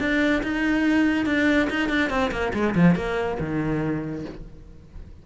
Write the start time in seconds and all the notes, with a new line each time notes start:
0.00 D4
0.43 D#4
1.26 D4
1.70 D#4
1.89 D4
2.10 C4
2.32 A#3
2.54 G#3
2.75 F3
2.96 A#3
3.40 D#3